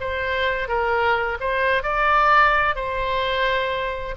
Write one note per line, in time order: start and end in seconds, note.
0.00 0.68 C5
0.68 1.38 A#4
1.40 1.83 C5
1.83 2.75 D5
2.75 4.14 C5